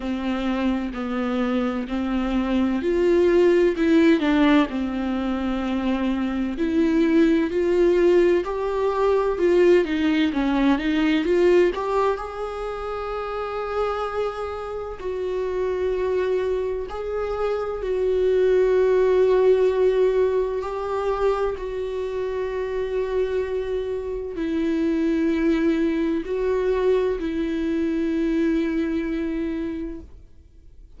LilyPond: \new Staff \with { instrumentName = "viola" } { \time 4/4 \tempo 4 = 64 c'4 b4 c'4 f'4 | e'8 d'8 c'2 e'4 | f'4 g'4 f'8 dis'8 cis'8 dis'8 | f'8 g'8 gis'2. |
fis'2 gis'4 fis'4~ | fis'2 g'4 fis'4~ | fis'2 e'2 | fis'4 e'2. | }